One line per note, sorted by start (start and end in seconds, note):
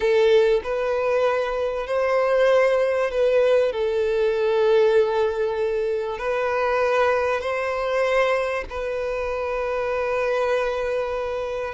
0.00 0.61 A4
0.63 1.87 B4
1.87 3.10 C5
3.11 3.72 B4
3.72 6.18 A4
6.18 7.40 B4
7.40 8.64 C5
8.69 11.74 B4